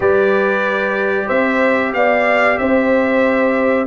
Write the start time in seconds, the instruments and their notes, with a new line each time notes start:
0.00 tuba G3, trombone G4, horn B4, trumpet D5
1.26 tuba C4, horn C5, trumpet E5
1.93 tuba B3, horn D5, trumpet F5
2.58 tuba C4, horn C5, trumpet E5